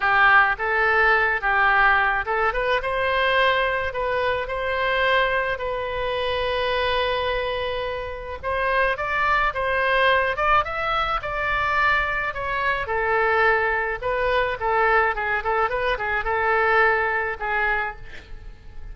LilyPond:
\new Staff \with { instrumentName = "oboe" } { \time 4/4 \tempo 4 = 107 g'4 a'4. g'4. | a'8 b'8 c''2 b'4 | c''2 b'2~ | b'2. c''4 |
d''4 c''4. d''8 e''4 | d''2 cis''4 a'4~ | a'4 b'4 a'4 gis'8 a'8 | b'8 gis'8 a'2 gis'4 | }